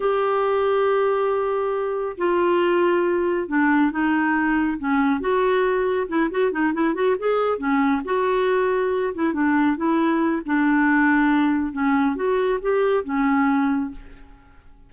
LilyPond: \new Staff \with { instrumentName = "clarinet" } { \time 4/4 \tempo 4 = 138 g'1~ | g'4 f'2. | d'4 dis'2 cis'4 | fis'2 e'8 fis'8 dis'8 e'8 |
fis'8 gis'4 cis'4 fis'4.~ | fis'4 e'8 d'4 e'4. | d'2. cis'4 | fis'4 g'4 cis'2 | }